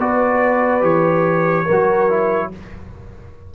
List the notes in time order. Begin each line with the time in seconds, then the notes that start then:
0.00 B3 F#4 B4 D5
0.81 E3 G4 C#5
1.66 F#3 F#4 A#4
2.10 E4